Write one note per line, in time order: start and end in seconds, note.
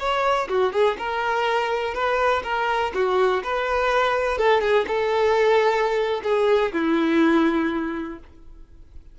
0.00 0.49 C#5
0.50 0.73 F#4
0.73 0.98 G#4
0.99 1.94 A#4
1.94 2.43 B4
2.44 2.93 A#4
2.95 3.44 F#4
3.44 4.38 B4
4.38 4.61 A4
4.61 4.86 G#4
4.88 6.22 A4
6.24 6.73 G#4
6.73 8.20 E4